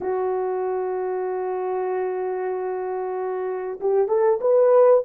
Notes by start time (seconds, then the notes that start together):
0.00 F#4
3.80 G4
4.08 A4
4.40 B4